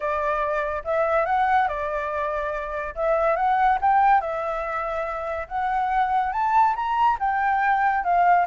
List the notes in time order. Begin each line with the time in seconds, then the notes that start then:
0.00 D5
0.84 E5
1.25 F#5
1.67 D5
2.95 E5
3.36 F#5
3.81 G5
4.20 E5
5.48 F#5
6.32 A5
6.75 A#5
7.19 G5
8.04 F5